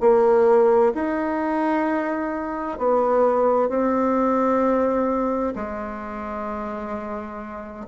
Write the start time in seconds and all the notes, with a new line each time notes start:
0.00 A#3
0.95 D#4
2.78 B3
3.69 C4
5.56 G#3